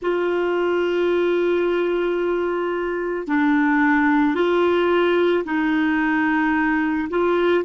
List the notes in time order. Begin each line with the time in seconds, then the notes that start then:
0.01 F4
3.27 D4
4.34 F4
5.44 D#4
7.09 F4